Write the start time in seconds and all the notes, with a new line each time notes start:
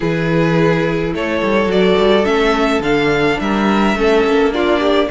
0.00 E3 E4 G#4 B4
1.13 A3 A4 C#5
1.42 G3
1.66 F#3 F#4 D5
1.97 G3
2.24 A3 C#4 E5
2.79 D3 D4 F5
3.39 G3 A#4 E5
3.95 A3 C#4 A4
4.24 A#3
4.52 D4 F4 D5
4.79 G4